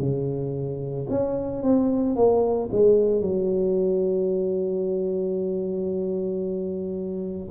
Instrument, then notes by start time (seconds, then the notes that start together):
tuba
0.00 C#3
1.10 C#4
1.63 C4
2.16 A#3
2.73 G#3
3.22 F#3